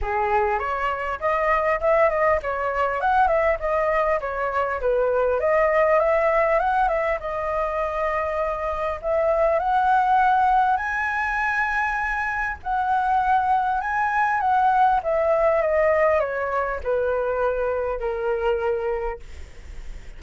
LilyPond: \new Staff \with { instrumentName = "flute" } { \time 4/4 \tempo 4 = 100 gis'4 cis''4 dis''4 e''8 dis''8 | cis''4 fis''8 e''8 dis''4 cis''4 | b'4 dis''4 e''4 fis''8 e''8 | dis''2. e''4 |
fis''2 gis''2~ | gis''4 fis''2 gis''4 | fis''4 e''4 dis''4 cis''4 | b'2 ais'2 | }